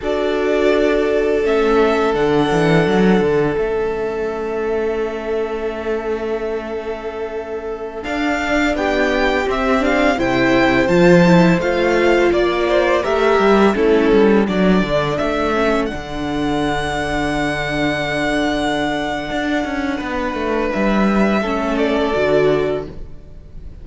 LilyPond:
<<
  \new Staff \with { instrumentName = "violin" } { \time 4/4 \tempo 4 = 84 d''2 e''4 fis''4~ | fis''4 e''2.~ | e''2.~ e''16 f''8.~ | f''16 g''4 e''8 f''8 g''4 a''8.~ |
a''16 f''4 d''4 e''4 a'8.~ | a'16 d''4 e''4 fis''4.~ fis''16~ | fis''1~ | fis''4 e''4. d''4. | }
  \new Staff \with { instrumentName = "violin" } { \time 4/4 a'1~ | a'1~ | a'1~ | a'16 g'2 c''4.~ c''16~ |
c''4~ c''16 d''8 c''8 ais'4 e'8.~ | e'16 a'2.~ a'8.~ | a'1 | b'2 a'2 | }
  \new Staff \with { instrumentName = "viola" } { \time 4/4 fis'2 cis'4 d'4~ | d'4 cis'2.~ | cis'2.~ cis'16 d'8.~ | d'4~ d'16 c'8 d'8 e'4 f'8 e'16~ |
e'16 f'2 g'4 cis'8.~ | cis'16 d'4. cis'8 d'4.~ d'16~ | d'1~ | d'2 cis'4 fis'4 | }
  \new Staff \with { instrumentName = "cello" } { \time 4/4 d'2 a4 d8 e8 | fis8 d8 a2.~ | a2.~ a16 d'8.~ | d'16 b4 c'4 c4 f8.~ |
f16 a4 ais4 a8 g8 a8 g16~ | g16 fis8 d8 a4 d4.~ d16~ | d2. d'8 cis'8 | b8 a8 g4 a4 d4 | }
>>